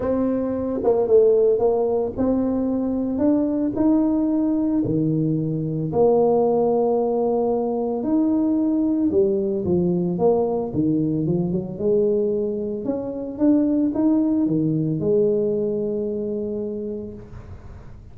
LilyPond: \new Staff \with { instrumentName = "tuba" } { \time 4/4 \tempo 4 = 112 c'4. ais8 a4 ais4 | c'2 d'4 dis'4~ | dis'4 dis2 ais4~ | ais2. dis'4~ |
dis'4 g4 f4 ais4 | dis4 f8 fis8 gis2 | cis'4 d'4 dis'4 dis4 | gis1 | }